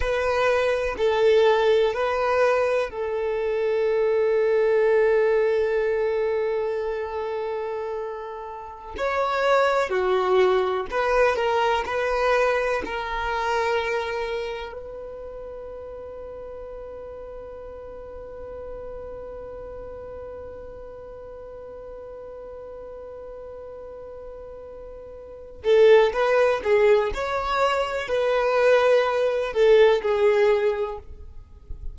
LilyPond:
\new Staff \with { instrumentName = "violin" } { \time 4/4 \tempo 4 = 62 b'4 a'4 b'4 a'4~ | a'1~ | a'4~ a'16 cis''4 fis'4 b'8 ais'16~ | ais'16 b'4 ais'2 b'8.~ |
b'1~ | b'1~ | b'2~ b'8 a'8 b'8 gis'8 | cis''4 b'4. a'8 gis'4 | }